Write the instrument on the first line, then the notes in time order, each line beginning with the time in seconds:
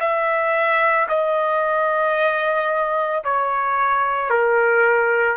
trumpet
0.00 E5
1.08 D#5
3.24 C#5
4.30 A#4